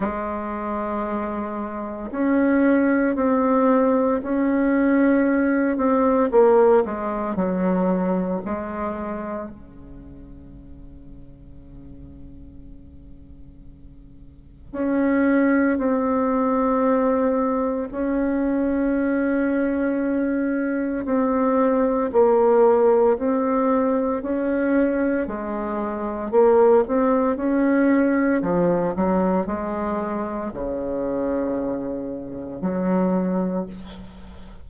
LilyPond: \new Staff \with { instrumentName = "bassoon" } { \time 4/4 \tempo 4 = 57 gis2 cis'4 c'4 | cis'4. c'8 ais8 gis8 fis4 | gis4 cis2.~ | cis2 cis'4 c'4~ |
c'4 cis'2. | c'4 ais4 c'4 cis'4 | gis4 ais8 c'8 cis'4 f8 fis8 | gis4 cis2 fis4 | }